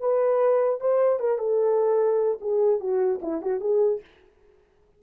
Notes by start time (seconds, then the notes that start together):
0.00 B4
0.81 C5
1.20 A#4
1.38 A4
2.41 G#4
2.80 F#4
3.22 E4
3.42 F#4
3.61 G#4